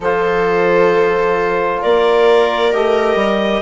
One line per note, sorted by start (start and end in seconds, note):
0.00 1.80 F3
0.00 2.72 F4
0.00 1.81 A4
0.00 1.82 C5
1.81 2.74 A#3
1.81 3.62 A#4
1.81 2.73 D5
2.72 3.15 A3
2.72 3.62 G4
2.72 3.62 D#5
3.15 3.60 G3